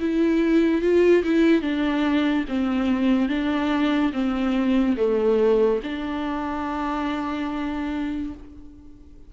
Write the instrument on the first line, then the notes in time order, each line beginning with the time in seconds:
viola
0.00 E4
0.82 F4
1.24 E4
1.62 D4
2.48 C4
3.29 D4
4.13 C4
4.97 A3
5.84 D4